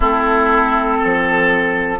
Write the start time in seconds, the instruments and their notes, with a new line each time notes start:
0.00 bassoon A3, clarinet C4, oboe E4, flute A4
0.98 oboe A4
1.04 bassoon F3